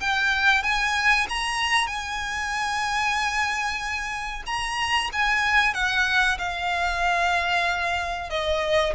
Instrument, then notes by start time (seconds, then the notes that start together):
violin
0.00 G5
0.63 G#5
1.29 A#5
1.87 G#5
4.46 A#5
5.12 G#5
5.74 F#5
6.38 F5
8.30 D#5